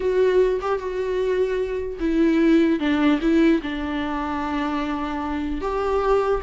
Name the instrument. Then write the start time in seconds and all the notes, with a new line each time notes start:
viola
0.00 F#4
0.61 G4
0.78 F#4
1.99 E4
2.79 D4
3.21 E4
3.62 D4
5.61 G4